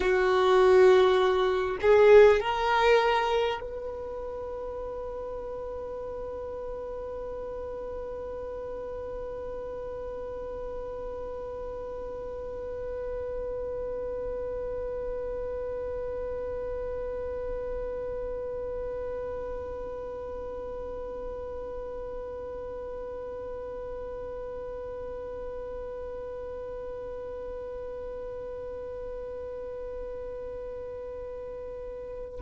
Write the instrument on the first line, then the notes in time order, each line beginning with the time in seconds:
violin
0.00 F#4
1.81 G#4
2.40 A#4
3.61 B4